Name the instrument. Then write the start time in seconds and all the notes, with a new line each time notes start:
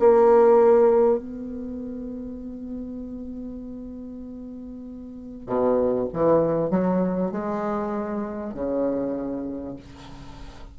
bassoon
0.00 A#3
1.19 B3
5.47 B2
6.14 E3
6.71 F#3
7.32 G#3
8.54 C#3